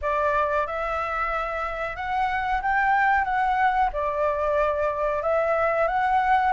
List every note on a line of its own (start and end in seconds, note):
0.01 0.66 D5
0.66 1.96 E5
1.96 2.61 F#5
2.61 3.24 G5
3.24 3.90 F#5
3.92 5.22 D5
5.22 5.87 E5
5.87 6.52 F#5